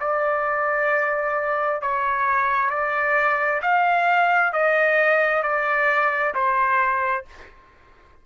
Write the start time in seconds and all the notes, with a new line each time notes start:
0.00 D5
1.81 C#5
2.70 D5
3.62 F5
4.52 D#5
5.43 D5
6.34 C5